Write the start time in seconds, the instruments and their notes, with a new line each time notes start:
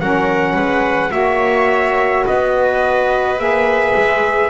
0.00 double bass F#3, saxophone C#4, viola A#4, trumpet F#5
0.54 double bass G#3, viola B4
1.10 double bass A#3, saxophone F#4, viola C#5, trumpet E5
2.25 double bass B3, viola B4, trumpet D#5
3.38 double bass A#3, saxophone G#4, trumpet E5
3.96 double bass G#3